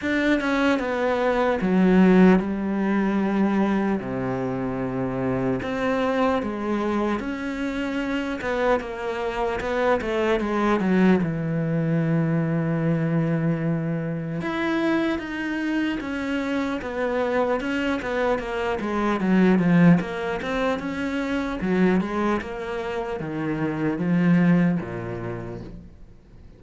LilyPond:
\new Staff \with { instrumentName = "cello" } { \time 4/4 \tempo 4 = 75 d'8 cis'8 b4 fis4 g4~ | g4 c2 c'4 | gis4 cis'4. b8 ais4 | b8 a8 gis8 fis8 e2~ |
e2 e'4 dis'4 | cis'4 b4 cis'8 b8 ais8 gis8 | fis8 f8 ais8 c'8 cis'4 fis8 gis8 | ais4 dis4 f4 ais,4 | }